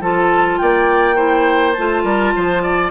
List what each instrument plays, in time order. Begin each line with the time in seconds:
0.00 bassoon F3, clarinet F4, oboe A4, flute A5
0.58 bassoon A#3, oboe D5, flute G5
1.16 clarinet E4, oboe C5
1.73 bassoon A3, clarinet F4, flute A5
2.04 bassoon G3, oboe A#4
2.36 bassoon F3, oboe C5
2.63 oboe D5